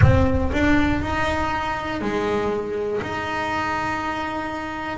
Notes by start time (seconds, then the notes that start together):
0.01 C4
0.52 D4
1.01 D#4
2.00 G#3
3.01 D#4